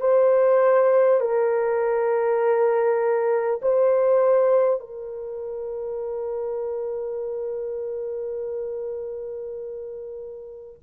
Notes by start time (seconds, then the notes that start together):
0.00 C5
1.20 A#4
3.62 C5
4.80 A#4